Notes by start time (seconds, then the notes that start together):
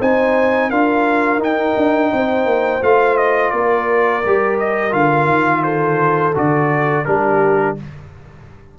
0.00 C4 D#4 C5 G#5
0.70 D4 F4 A#4 F5
1.38 D#4 G5
1.77 D4
2.13 C4 C5
2.45 A#3
2.82 A3 F4 F5
3.17 D#5
3.51 A#3 A#4 D5
4.26 G3 G4
4.59 D#5
4.91 D3 F4 F5
5.26 D#3
5.64 A4 C5
6.35 D3 F#4 D5
7.05 G3 D4 G4 A#4